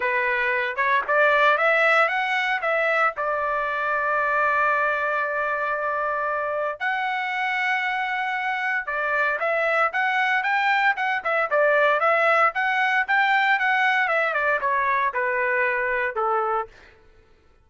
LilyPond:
\new Staff \with { instrumentName = "trumpet" } { \time 4/4 \tempo 4 = 115 b'4. cis''8 d''4 e''4 | fis''4 e''4 d''2~ | d''1~ | d''4 fis''2.~ |
fis''4 d''4 e''4 fis''4 | g''4 fis''8 e''8 d''4 e''4 | fis''4 g''4 fis''4 e''8 d''8 | cis''4 b'2 a'4 | }